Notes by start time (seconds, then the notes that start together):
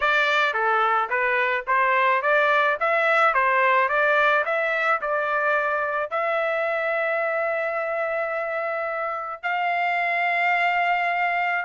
0.00 D5
0.53 A4
1.09 B4
1.67 C5
2.21 D5
2.80 E5
3.34 C5
3.89 D5
4.45 E5
5.01 D5
6.10 E5
9.42 F5